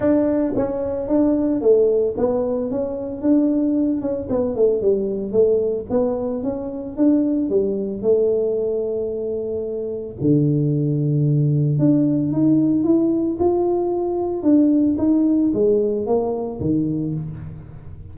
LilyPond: \new Staff \with { instrumentName = "tuba" } { \time 4/4 \tempo 4 = 112 d'4 cis'4 d'4 a4 | b4 cis'4 d'4. cis'8 | b8 a8 g4 a4 b4 | cis'4 d'4 g4 a4~ |
a2. d4~ | d2 d'4 dis'4 | e'4 f'2 d'4 | dis'4 gis4 ais4 dis4 | }